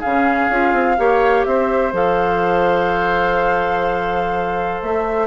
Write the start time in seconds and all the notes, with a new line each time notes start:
0.00 C#3 C#4 G#4 F5
0.49 C#4 F4
0.73 C4
0.97 A#3 G4 C#5
1.45 C4 C5 E5
1.93 F3 A4 F5
4.82 A3 E5